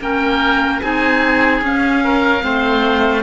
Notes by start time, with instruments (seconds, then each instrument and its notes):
0.00 cello A#3, clarinet C#4, oboe A#4 G5
0.82 cello C4, clarinet D#4, oboe G#4 G#5
1.62 cello C#4, clarinet C#4, oboe F5
2.05 oboe A#4
2.41 cello A3, clarinet C4, oboe C5